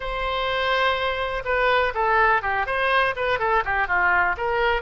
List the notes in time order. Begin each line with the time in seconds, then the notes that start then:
0.00 C5
1.44 B4
1.94 A4
2.42 G4
2.66 C5
3.16 B4
3.39 A4
3.64 G4
3.87 F4
4.37 A#4